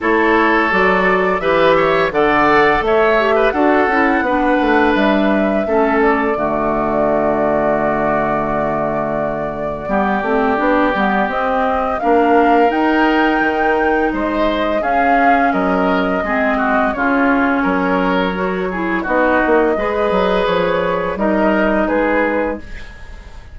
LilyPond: <<
  \new Staff \with { instrumentName = "flute" } { \time 4/4 \tempo 4 = 85 cis''4 d''4 e''4 fis''4 | e''4 fis''2 e''4~ | e''8 d''2.~ d''8~ | d''1 |
dis''4 f''4 g''2 | dis''4 f''4 dis''2 | cis''2. dis''4~ | dis''4 cis''4 dis''4 b'4 | }
  \new Staff \with { instrumentName = "oboe" } { \time 4/4 a'2 b'8 cis''8 d''4 | cis''8. b'16 a'4 b'2 | a'4 fis'2.~ | fis'2 g'2~ |
g'4 ais'2. | c''4 gis'4 ais'4 gis'8 fis'8 | f'4 ais'4. gis'8 fis'4 | b'2 ais'4 gis'4 | }
  \new Staff \with { instrumentName = "clarinet" } { \time 4/4 e'4 fis'4 g'4 a'4~ | a'8 g'8 fis'8 e'8 d'2 | cis'4 a2.~ | a2 b8 c'8 d'8 b8 |
c'4 d'4 dis'2~ | dis'4 cis'2 c'4 | cis'2 fis'8 e'8 dis'4 | gis'2 dis'2 | }
  \new Staff \with { instrumentName = "bassoon" } { \time 4/4 a4 fis4 e4 d4 | a4 d'8 cis'8 b8 a8 g4 | a4 d2.~ | d2 g8 a8 b8 g8 |
c'4 ais4 dis'4 dis4 | gis4 cis'4 fis4 gis4 | cis4 fis2 b8 ais8 | gis8 fis8 f4 g4 gis4 | }
>>